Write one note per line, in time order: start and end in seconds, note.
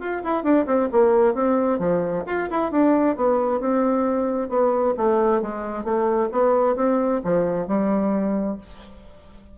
0.00 0.23 F4
0.24 0.43 E4
0.43 0.66 D4
0.66 0.89 C4
0.92 1.34 A#3
1.34 1.79 C4
1.79 2.24 F3
2.26 2.49 F4
2.50 2.71 E4
2.71 3.16 D4
3.16 3.60 B3
3.60 4.49 C4
4.49 4.94 B3
4.97 5.42 A3
5.42 5.84 G#3
5.84 6.29 A3
6.32 6.76 B3
6.76 7.21 C4
7.24 7.68 F3
7.68 8.58 G3